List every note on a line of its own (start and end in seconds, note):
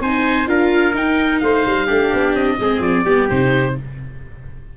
0.00 0.47 C4
0.00 0.46 D#4
0.00 0.49 C5
0.00 0.49 G#5
0.46 0.94 D4
0.46 0.93 F4
0.46 1.43 A#4
0.46 0.96 F5
0.94 1.41 D#4
0.94 1.87 D#4
0.94 1.40 G5
1.40 1.65 A3
1.40 1.86 C5
1.40 2.33 F5
1.66 1.89 G3
1.86 2.13 A3
1.86 2.58 D4
1.86 2.57 G4
2.13 2.34 B3
2.34 2.58 C4
2.34 2.82 D#5
2.59 2.79 G#3
2.59 3.06 C4
2.59 3.04 G#4
2.79 3.03 F3
2.79 3.28 D5
3.04 3.28 G3
3.04 3.29 B3
3.04 3.75 G4
3.29 3.77 C3
3.29 3.77 D#4
3.29 3.76 C5